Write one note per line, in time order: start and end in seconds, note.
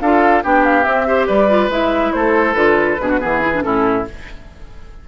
0.00 0.43 D4
0.00 0.43 F4
0.00 0.43 A4
0.00 0.43 F5
0.43 0.85 B3
0.43 0.82 D4
0.43 1.07 G4
0.43 0.64 G5
0.64 0.83 F5
0.82 1.04 C4
0.82 1.28 C4
0.82 1.26 E5
1.06 1.48 G4
1.06 1.26 C5
1.26 1.69 G3
1.26 2.12 B4
1.26 1.70 D5
1.48 1.70 F4
1.69 2.11 G#3
1.69 2.54 E4
1.69 2.12 E5
2.12 2.54 A3
2.12 3.01 A4
2.12 2.53 C5
2.53 2.97 D3
2.53 2.97 F4
2.53 3.60 B4
3.00 3.22 B2
3.00 3.20 D4
3.00 3.09 G#4
3.09 3.20 F#4
3.20 3.64 E3
3.20 3.41 B3
3.20 3.63 G#4
3.41 3.52 E4
3.54 3.62 D4
3.62 4.07 A2
3.62 4.04 C#4
3.62 4.08 E4
3.62 4.05 A4